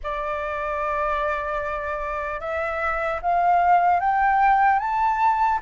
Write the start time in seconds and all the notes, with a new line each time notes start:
0.03 D5
2.40 E5
3.21 F5
4.00 G5
4.79 A5